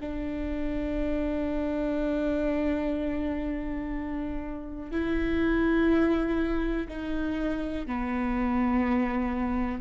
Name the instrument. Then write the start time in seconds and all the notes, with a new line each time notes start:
viola
0.00 D4
4.91 E4
6.88 D#4
7.86 B3